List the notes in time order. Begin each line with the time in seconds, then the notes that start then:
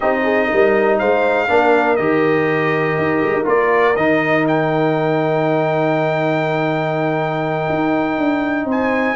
0.00 C4 D#4 G4 D#5
0.23 G#4
0.52 G3 A#4
0.98 G#3 C5 F5
1.48 A#3 D4 A#4
1.96 D#3 G4 D#5
2.97 D#4
3.22 G#3
3.33 D#4
3.45 A#3 F4 D5
3.96 D#3 D#4 D#5
4.47 G5
7.69 D#4
8.18 D4
8.65 C4 C5 G#5